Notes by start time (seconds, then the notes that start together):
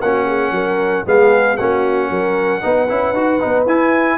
0.00 A#3 C#4 F#4 F#5
0.26 G#4
0.51 F#3 A#4
1.04 G#3 B3 G#4 F5
1.57 A#3 C#4 F#4 F#5
2.09 F#3 A#4
2.61 B3 D#4 B4
2.88 C#4 E4
3.13 D#4 F#4
3.40 B3 D#4
3.66 E4 G#5